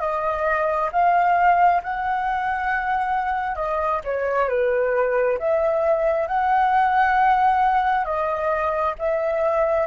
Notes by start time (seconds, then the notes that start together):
0.00 D#5
0.92 F5
1.83 F#5
3.55 D#5
4.04 C#5
4.48 B4
5.39 E5
6.27 F#5
8.04 D#5
8.98 E5